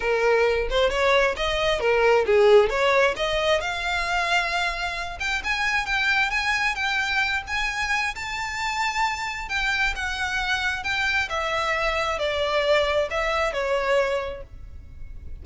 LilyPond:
\new Staff \with { instrumentName = "violin" } { \time 4/4 \tempo 4 = 133 ais'4. c''8 cis''4 dis''4 | ais'4 gis'4 cis''4 dis''4 | f''2.~ f''8 g''8 | gis''4 g''4 gis''4 g''4~ |
g''8 gis''4. a''2~ | a''4 g''4 fis''2 | g''4 e''2 d''4~ | d''4 e''4 cis''2 | }